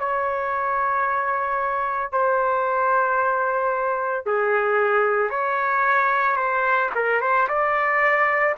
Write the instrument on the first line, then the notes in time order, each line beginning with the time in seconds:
trumpet
0.00 C#5
2.12 C5
4.26 G#4
5.30 C#5
6.37 C5
6.95 A#4
7.21 C5
7.49 D5